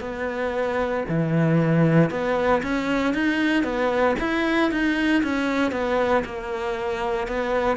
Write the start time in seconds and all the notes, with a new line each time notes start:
0.00 B3
1.08 E3
2.10 B3
2.62 C#4
3.14 D#4
3.63 B3
4.19 E4
4.71 D#4
5.22 C#4
5.71 B3
6.24 A#3
7.27 B3